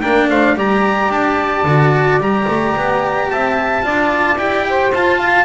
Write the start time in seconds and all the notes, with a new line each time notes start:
0.00 A#3 D4 A#4 G5
0.29 A3 C5 F5
0.54 G3 G4 D5 A#5
1.09 D4 A5
1.63 D3 F#4
2.18 G3 G4 A#5
2.47 A3
2.76 B3
3.30 C4 E5 A5
3.82 D4 F4 D5
4.37 E4 G4 G5
4.69 C5
4.92 F4 A5
5.18 F5